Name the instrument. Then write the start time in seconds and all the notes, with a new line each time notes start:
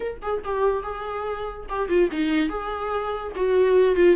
viola
0.00 A#4
0.22 G#4
0.44 G4
0.83 G#4
1.69 G4
1.88 F4
2.11 D#4
2.49 G#4
3.35 F#4
3.95 F4